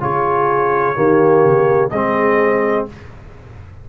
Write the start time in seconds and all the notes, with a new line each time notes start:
0.00 C#3 F4 G#4 C#5
0.95 D#3 A#3 G4
1.43 C#3
1.90 G#3 C4 G#4 D#5